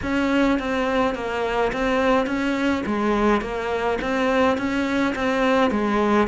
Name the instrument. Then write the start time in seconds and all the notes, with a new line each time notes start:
cello
0.02 C#4
0.59 C4
1.14 A#3
1.72 C4
2.26 C#4
2.86 G#3
3.41 A#3
4.01 C4
4.57 C#4
5.15 C4
5.70 G#3